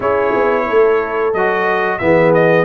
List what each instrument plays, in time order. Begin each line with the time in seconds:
0.00 tuba C#4, trombone E4, horn G#4, trumpet C#5
0.35 tuba B3
0.67 tuba A3, horn A4
1.33 tuba F#3, trombone F#4, trumpet D#5
1.98 tuba E3, trombone B3, horn G#4, trumpet E5
2.34 trumpet D#5